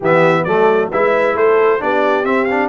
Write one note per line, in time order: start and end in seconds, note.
0.00 0.45 E3
0.00 0.47 B3
0.00 0.44 G4
0.00 0.43 E5
0.43 0.90 F#3
0.43 0.92 A3
0.43 0.90 A4
0.43 0.89 D5
0.90 1.35 G#3
0.90 1.79 E4
0.90 1.35 B4
0.90 1.36 E5
1.35 1.80 A3
1.35 1.80 A4
1.35 1.81 C5
1.79 2.24 B3
1.79 2.24 D4
1.79 2.69 G4
1.79 2.25 D5
2.24 2.46 C4
2.24 2.69 C4
2.24 2.44 E5
2.44 2.69 D4
2.44 2.67 F5